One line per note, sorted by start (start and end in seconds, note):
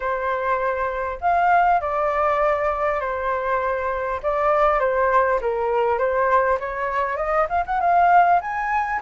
0.00 1.18 C5
1.21 1.81 F5
1.81 3.00 D5
3.00 4.20 C5
4.22 4.79 D5
4.79 5.39 C5
5.41 5.98 A#4
5.98 6.58 C5
6.59 7.16 C#5
7.16 7.46 D#5
7.49 7.64 F5
7.66 7.80 F#5
7.80 8.40 F5
8.41 9.01 G#5